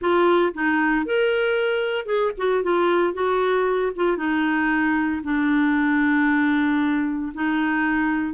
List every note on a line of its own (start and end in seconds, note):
0.01 0.53 F4
0.54 1.05 D#4
1.05 2.05 A#4
2.05 2.31 G#4
2.37 2.63 F#4
2.63 3.13 F4
3.13 3.91 F#4
3.95 4.17 F4
4.17 5.21 D#4
5.23 7.32 D4
7.34 8.33 D#4